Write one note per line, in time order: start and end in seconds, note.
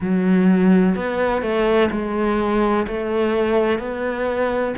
0.00 0.95 F#3
0.95 1.42 B3
1.42 1.89 A3
1.91 2.86 G#3
2.87 3.78 A3
3.78 4.74 B3